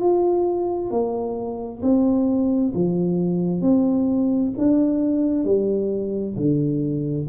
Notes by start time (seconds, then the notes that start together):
0.00 F4
0.90 A#3
1.82 C4
2.74 F3
3.61 C4
4.57 D4
5.44 G3
6.36 D3